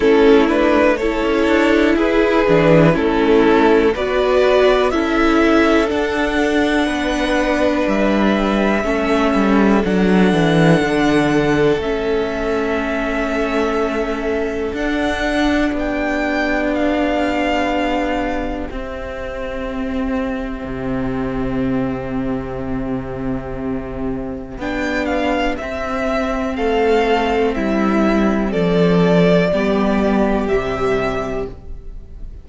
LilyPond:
<<
  \new Staff \with { instrumentName = "violin" } { \time 4/4 \tempo 4 = 61 a'8 b'8 cis''4 b'4 a'4 | d''4 e''4 fis''2 | e''2 fis''2 | e''2. fis''4 |
g''4 f''2 e''4~ | e''1~ | e''4 g''8 f''8 e''4 f''4 | e''4 d''2 e''4 | }
  \new Staff \with { instrumentName = "violin" } { \time 4/4 e'4 a'4 gis'4 e'4 | b'4 a'2 b'4~ | b'4 a'2.~ | a'1 |
g'1~ | g'1~ | g'2. a'4 | e'4 a'4 g'2 | }
  \new Staff \with { instrumentName = "viola" } { \time 4/4 cis'8 d'8 e'4. d'8 cis'4 | fis'4 e'4 d'2~ | d'4 cis'4 d'2 | cis'2. d'4~ |
d'2. c'4~ | c'1~ | c'4 d'4 c'2~ | c'2 b4 g4 | }
  \new Staff \with { instrumentName = "cello" } { \time 4/4 a4~ a16 cis'16 d'8 e'8 e8 a4 | b4 cis'4 d'4 b4 | g4 a8 g8 fis8 e8 d4 | a2. d'4 |
b2. c'4~ | c'4 c2.~ | c4 b4 c'4 a4 | g4 f4 g4 c4 | }
>>